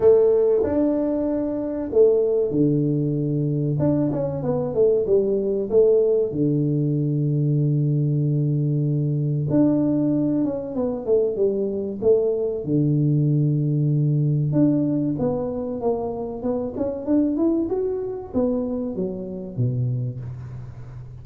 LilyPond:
\new Staff \with { instrumentName = "tuba" } { \time 4/4 \tempo 4 = 95 a4 d'2 a4 | d2 d'8 cis'8 b8 a8 | g4 a4 d2~ | d2. d'4~ |
d'8 cis'8 b8 a8 g4 a4 | d2. d'4 | b4 ais4 b8 cis'8 d'8 e'8 | fis'4 b4 fis4 b,4 | }